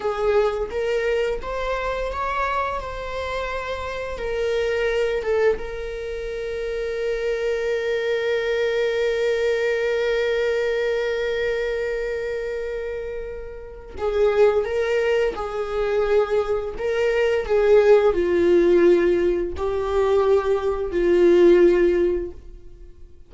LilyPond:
\new Staff \with { instrumentName = "viola" } { \time 4/4 \tempo 4 = 86 gis'4 ais'4 c''4 cis''4 | c''2 ais'4. a'8 | ais'1~ | ais'1~ |
ais'1 | gis'4 ais'4 gis'2 | ais'4 gis'4 f'2 | g'2 f'2 | }